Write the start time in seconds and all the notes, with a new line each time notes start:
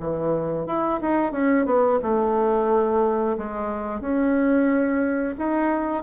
0.00 E3
0.67 E4
1.01 D#4
1.33 C#4
1.66 B3
2.03 A3
3.38 G#3
4.01 C#4
5.38 D#4